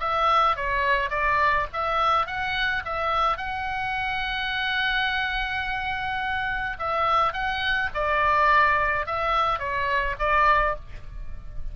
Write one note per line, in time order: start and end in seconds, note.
0.00 0.57 E5
0.57 1.10 C#5
1.10 1.67 D5
1.73 2.27 E5
2.27 2.83 F#5
2.85 3.38 E5
3.38 6.77 F#5
6.79 7.33 E5
7.33 7.90 F#5
7.95 9.06 D5
9.06 9.59 E5
9.59 10.16 C#5
10.19 10.76 D5